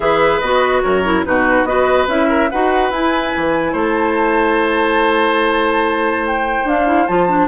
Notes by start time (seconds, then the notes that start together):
0.00 E3 G#4 B4 E5
0.39 B3 F#4 D#5
0.82 F#2 A#4 C#5
1.04 E4
1.24 B2 D#4 F#4 B4
1.64 B3 F#4 B4 D#5
2.07 C#4 E4 E5
2.29 A#4
2.50 D#4 F#4 B4 F#5
2.90 E4 G#5
3.35 E3
3.72 A3 C5 A5
6.27 G5
6.63 D4 F5
6.86 E4
7.07 F3 F4 A5
7.29 D4